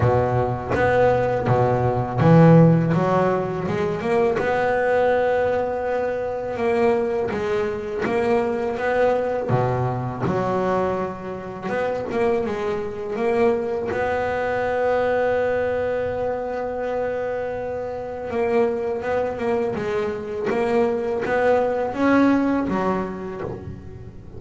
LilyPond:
\new Staff \with { instrumentName = "double bass" } { \time 4/4 \tempo 4 = 82 b,4 b4 b,4 e4 | fis4 gis8 ais8 b2~ | b4 ais4 gis4 ais4 | b4 b,4 fis2 |
b8 ais8 gis4 ais4 b4~ | b1~ | b4 ais4 b8 ais8 gis4 | ais4 b4 cis'4 fis4 | }